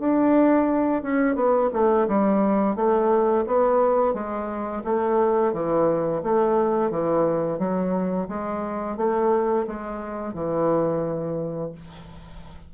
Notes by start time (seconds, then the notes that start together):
0.00 D4
1.03 C#4
1.36 B3
1.73 A3
2.08 G3
2.76 A3
3.47 B3
4.14 G#3
4.85 A3
5.54 E3
6.24 A3
6.91 E3
7.59 F#3
8.29 G#3
8.97 A3
9.67 G#3
10.34 E3